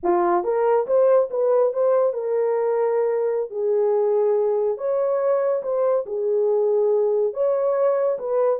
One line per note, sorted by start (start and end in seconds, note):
0.03 0.44 F4
0.44 0.86 A#4
0.86 1.29 C5
1.30 1.73 B4
1.73 2.13 C5
2.13 3.50 A#4
3.50 4.77 G#4
4.77 5.62 C#5
5.62 6.05 C5
6.06 7.33 G#4
7.33 8.18 C#5
8.18 8.59 B4